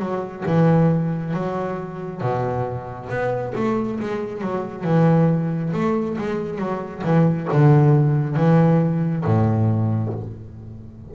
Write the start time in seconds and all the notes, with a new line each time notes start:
0.00 F#3
0.46 E3
1.34 F#3
2.22 B2
3.10 B3
3.56 A3
4.01 G#3
4.42 F#3
4.84 E3
5.73 A3
6.18 G#3
6.59 F#3
7.04 E3
7.52 D3
8.37 E3
9.25 A2